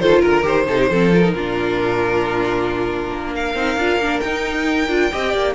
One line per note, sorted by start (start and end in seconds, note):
0.00 0.24 D#3
0.00 0.43 F4
0.00 0.20 A4
0.00 0.22 C5
0.20 0.45 D3
0.20 0.64 A#4
0.20 0.46 A#4
0.43 0.67 D#3
0.43 0.66 G4
0.43 1.13 C5
0.67 0.89 C3
0.67 0.92 D#4
0.67 0.79 A4
0.79 0.90 G4
0.90 1.34 F3
0.90 1.12 C4
0.90 1.35 A4
1.12 1.24 F4
1.12 3.35 A#4
1.24 1.35 D#4
1.35 3.12 A#2
1.35 3.57 D4
1.35 3.35 F4
3.12 3.55 A#3
3.35 5.12 A#4
3.35 4.20 F5
3.55 3.76 C4
3.55 3.79 D#4
3.76 3.97 D4
3.76 4.02 F4
3.97 4.20 A#3
3.97 4.24 D4
4.20 4.89 D#4
4.20 5.54 G5
4.89 5.11 D4
4.89 5.11 F4
5.12 5.34 C4
5.12 5.55 G4
5.12 5.32 D#5
5.32 5.55 A#3
5.32 5.54 D5